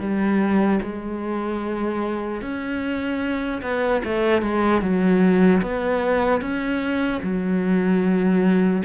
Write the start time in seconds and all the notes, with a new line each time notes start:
0.00 G3
0.83 G#3
2.42 C#4
3.62 B3
4.04 A3
4.42 G#3
4.82 F#3
5.62 B3
6.41 C#4
7.23 F#3